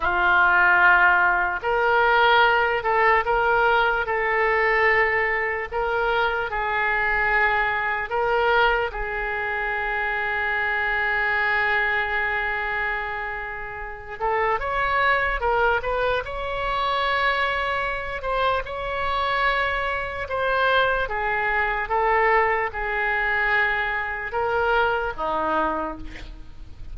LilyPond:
\new Staff \with { instrumentName = "oboe" } { \time 4/4 \tempo 4 = 74 f'2 ais'4. a'8 | ais'4 a'2 ais'4 | gis'2 ais'4 gis'4~ | gis'1~ |
gis'4. a'8 cis''4 ais'8 b'8 | cis''2~ cis''8 c''8 cis''4~ | cis''4 c''4 gis'4 a'4 | gis'2 ais'4 dis'4 | }